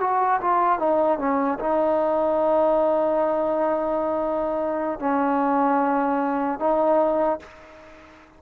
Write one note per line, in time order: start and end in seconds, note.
0.00 0.40 F#4
0.41 0.79 F4
0.79 1.18 D#4
1.18 1.58 C#4
1.59 4.99 D#4
4.99 6.59 C#4
6.59 7.39 D#4